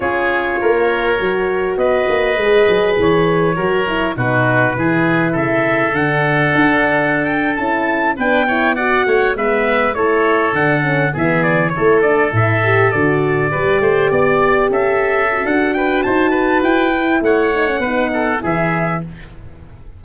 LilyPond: <<
  \new Staff \with { instrumentName = "trumpet" } { \time 4/4 \tempo 4 = 101 cis''2. dis''4~ | dis''4 cis''2 b'4~ | b'4 e''4 fis''2~ | fis''16 g''8 a''4 g''4 fis''4 e''16~ |
e''8. cis''4 fis''4 e''8 d''8 cis''16~ | cis''16 d''8 e''4 d''2~ d''16~ | d''8. e''4~ e''16 fis''8 g''8 a''4 | g''4 fis''2 e''4 | }
  \new Staff \with { instrumentName = "oboe" } { \time 4/4 gis'4 ais'2 b'4~ | b'2 ais'4 fis'4 | gis'4 a'2.~ | a'4.~ a'16 b'8 cis''8 d''8 cis''8 b'16~ |
b'8. a'2 gis'4 a'16~ | a'2~ a'8. b'8 c''8 d''16~ | d''8. a'4.~ a'16 b'8 c''8 b'8~ | b'4 cis''4 b'8 a'8 gis'4 | }
  \new Staff \with { instrumentName = "horn" } { \time 4/4 f'2 fis'2 | gis'2 fis'8 e'8 dis'4 | e'2 d'2~ | d'8. e'4 d'8 e'8 fis'4 b16~ |
b8. e'4 d'8 cis'8 b4 e'16~ | e'16 d'8 e'8 g'8 fis'4 g'4~ g'16~ | g'4.~ g'16 fis'2~ fis'16~ | fis'8 e'4 dis'16 cis'16 dis'4 e'4 | }
  \new Staff \with { instrumentName = "tuba" } { \time 4/4 cis'4 ais4 fis4 b8 ais8 | gis8 fis8 e4 fis4 b,4 | e4 cis4 d4 d'4~ | d'8. cis'4 b4. a8 gis16~ |
gis8. a4 d4 e4 a16~ | a8. a,4 d4 g8 a8 b16~ | b8. cis'4~ cis'16 d'4 dis'4 | e'4 a4 b4 e4 | }
>>